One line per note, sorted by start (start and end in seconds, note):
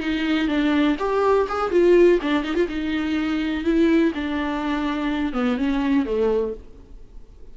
0.00 0.48 D#4
0.48 0.96 D4
0.99 1.47 G4
1.49 1.71 G#4
1.71 2.20 F4
2.22 2.44 D4
2.44 2.55 D#4
2.55 2.67 F4
2.69 3.64 D#4
3.64 4.13 E4
4.15 5.33 D4
5.33 5.57 B3
5.58 6.05 C#4
6.05 6.54 A3